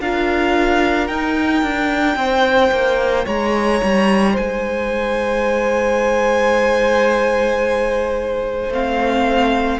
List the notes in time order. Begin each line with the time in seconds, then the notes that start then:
0.00 D4 F4 A#4 F5
1.07 D#4 G5
1.62 D4
2.16 C4 C5
2.71 A#3
3.25 G#3 C#5 A#5
3.83 G3
4.33 G#3 C5 G#5
8.69 A3 C4 F5